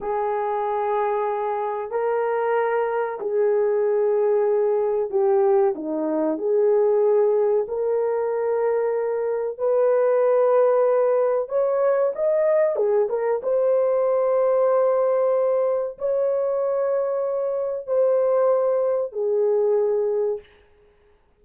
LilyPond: \new Staff \with { instrumentName = "horn" } { \time 4/4 \tempo 4 = 94 gis'2. ais'4~ | ais'4 gis'2. | g'4 dis'4 gis'2 | ais'2. b'4~ |
b'2 cis''4 dis''4 | gis'8 ais'8 c''2.~ | c''4 cis''2. | c''2 gis'2 | }